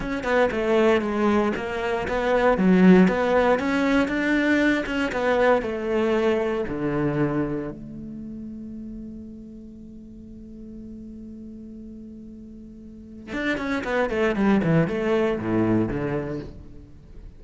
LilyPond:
\new Staff \with { instrumentName = "cello" } { \time 4/4 \tempo 4 = 117 cis'8 b8 a4 gis4 ais4 | b4 fis4 b4 cis'4 | d'4. cis'8 b4 a4~ | a4 d2 a4~ |
a1~ | a1~ | a2 d'8 cis'8 b8 a8 | g8 e8 a4 a,4 d4 | }